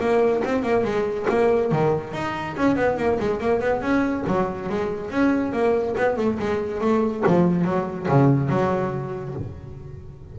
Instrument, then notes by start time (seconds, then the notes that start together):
double bass
0.00 A#3
0.44 C4
0.63 A#3
0.84 G#3
1.29 A#3
1.72 D#3
2.13 D#4
2.57 C#4
2.76 B3
2.97 A#3
3.20 G#3
3.40 A#3
3.61 B3
3.81 C#4
4.27 F#3
4.69 G#3
5.10 C#4
5.52 A#3
5.97 B3
6.17 A3
6.39 G#3
6.81 A3
7.26 F3
7.64 F#3
8.08 C#3
8.49 F#3